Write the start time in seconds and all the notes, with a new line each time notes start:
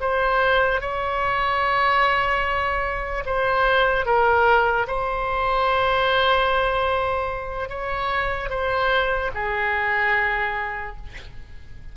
0.00 C5
0.80 C#5
3.25 C5
4.05 A#4
4.87 C5
7.69 C#5
8.49 C5
9.34 G#4